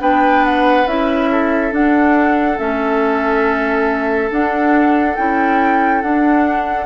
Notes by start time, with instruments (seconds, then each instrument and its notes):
0.00 bassoon B3, clarinet D4, oboe B4, flute G5
0.44 flute F#5
0.86 bassoon C#4, clarinet E4, flute E5
1.31 oboe A4
1.71 clarinet D4, bassoon D4, flute F#5
2.58 bassoon A3, clarinet C#4, flute E5
4.30 clarinet D4, bassoon D4, flute F#5
5.16 bassoon C#4, clarinet E4, flute G5
6.02 clarinet D4, bassoon D4, flute F#5